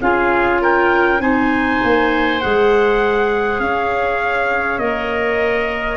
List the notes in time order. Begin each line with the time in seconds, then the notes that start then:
0.00 C#4 F4 G#4 F5
0.61 A#4 G5
1.19 C4 D#4 C5 G#5
1.83 A#3
2.41 G#3 G#4 F#5
3.59 C#4 C#5 F5
4.78 A#3 A#4 D#5